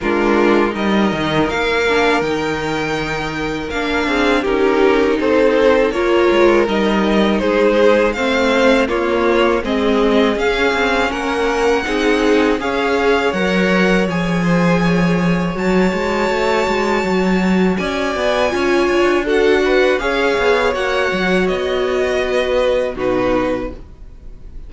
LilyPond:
<<
  \new Staff \with { instrumentName = "violin" } { \time 4/4 \tempo 4 = 81 ais'4 dis''4 f''4 g''4~ | g''4 f''4 ais'4 c''4 | cis''4 dis''4 c''4 f''4 | cis''4 dis''4 f''4 fis''4~ |
fis''4 f''4 fis''4 gis''4~ | gis''4 a''2. | gis''2 fis''4 f''4 | fis''4 dis''2 b'4 | }
  \new Staff \with { instrumentName = "violin" } { \time 4/4 f'4 ais'2.~ | ais'4. gis'8 g'4 a'4 | ais'2 gis'4 c''4 | f'4 gis'2 ais'4 |
gis'4 cis''2~ cis''8 c''8 | cis''1 | d''4 cis''4 a'8 b'8 cis''4~ | cis''2 b'4 fis'4 | }
  \new Staff \with { instrumentName = "viola" } { \time 4/4 d'4 dis'4. d'8 dis'4~ | dis'4 d'4 dis'2 | f'4 dis'2 c'4 | ais4 c'4 cis'2 |
dis'4 gis'4 ais'4 gis'4~ | gis'4 fis'2.~ | fis'4 f'4 fis'4 gis'4 | fis'2. dis'4 | }
  \new Staff \with { instrumentName = "cello" } { \time 4/4 gis4 g8 dis8 ais4 dis4~ | dis4 ais8 c'8 cis'4 c'4 | ais8 gis8 g4 gis4 a4 | ais4 gis4 cis'8 c'8 ais4 |
c'4 cis'4 fis4 f4~ | f4 fis8 gis8 a8 gis8 fis4 | cis'8 b8 cis'8 d'4. cis'8 b8 | ais8 fis8 b2 b,4 | }
>>